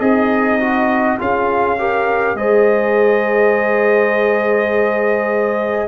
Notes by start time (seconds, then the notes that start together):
0.00 C4 D#4 G#4 D#5
0.60 F#4
1.19 C#4 F4 G#4 F5
1.79 G4 A#4
2.35 G#3 G#4 C5 D#5